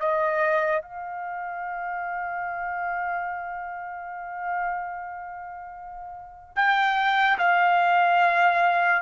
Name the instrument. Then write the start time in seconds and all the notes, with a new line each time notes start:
trumpet
0.00 D#5
0.82 F5
6.56 G5
7.38 F5